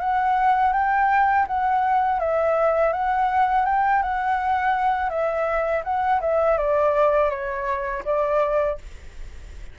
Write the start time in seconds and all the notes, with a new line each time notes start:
0.00 F#5
0.73 G5
1.47 F#5
2.20 E5
2.92 F#5
3.66 G5
4.02 F#5
5.10 E5
5.84 F#5
6.21 E5
6.58 D5
7.30 C#5
8.05 D5